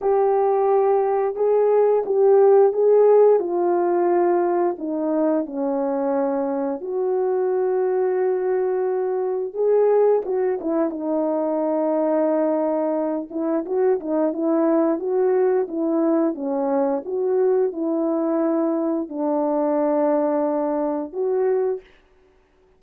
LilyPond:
\new Staff \with { instrumentName = "horn" } { \time 4/4 \tempo 4 = 88 g'2 gis'4 g'4 | gis'4 f'2 dis'4 | cis'2 fis'2~ | fis'2 gis'4 fis'8 e'8 |
dis'2.~ dis'8 e'8 | fis'8 dis'8 e'4 fis'4 e'4 | cis'4 fis'4 e'2 | d'2. fis'4 | }